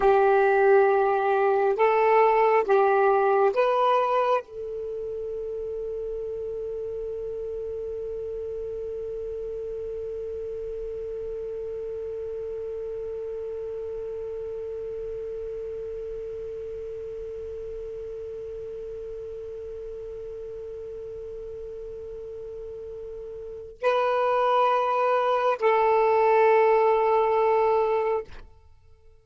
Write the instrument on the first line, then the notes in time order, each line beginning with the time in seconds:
saxophone
0.00 G4
1.76 A4
2.64 G4
3.53 B4
4.42 A4
23.81 B4
25.58 A4